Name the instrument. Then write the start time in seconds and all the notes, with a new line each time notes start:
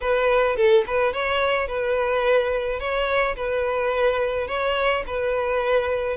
violin
0.00 B4
0.56 A4
0.87 B4
1.13 C#5
1.67 B4
2.79 C#5
3.36 B4
4.47 C#5
5.06 B4